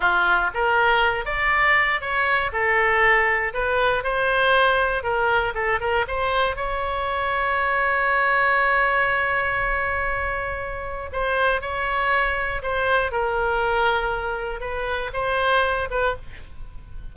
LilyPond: \new Staff \with { instrumentName = "oboe" } { \time 4/4 \tempo 4 = 119 f'4 ais'4. d''4. | cis''4 a'2 b'4 | c''2 ais'4 a'8 ais'8 | c''4 cis''2.~ |
cis''1~ | cis''2 c''4 cis''4~ | cis''4 c''4 ais'2~ | ais'4 b'4 c''4. b'8 | }